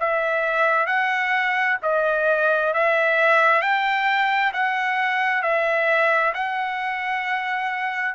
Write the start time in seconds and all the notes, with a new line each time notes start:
0.00 E5
0.86 F#5
1.82 D#5
2.73 E5
3.62 G5
4.53 F#5
5.42 E5
6.34 F#5